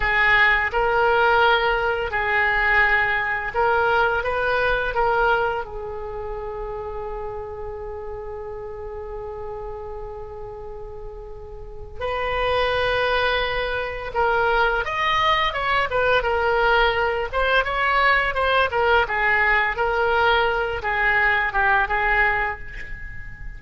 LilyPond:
\new Staff \with { instrumentName = "oboe" } { \time 4/4 \tempo 4 = 85 gis'4 ais'2 gis'4~ | gis'4 ais'4 b'4 ais'4 | gis'1~ | gis'1~ |
gis'4 b'2. | ais'4 dis''4 cis''8 b'8 ais'4~ | ais'8 c''8 cis''4 c''8 ais'8 gis'4 | ais'4. gis'4 g'8 gis'4 | }